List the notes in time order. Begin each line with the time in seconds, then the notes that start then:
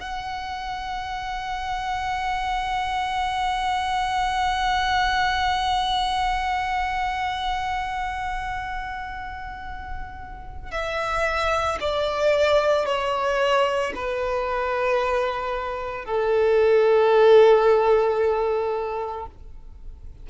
0.00 F#5
10.71 E5
11.80 D5
12.85 C#5
13.95 B4
16.05 A4